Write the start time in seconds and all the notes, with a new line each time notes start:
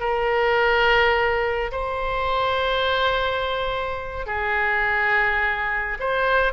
0.00 A#4
1.72 C5
4.26 G#4
6.00 C5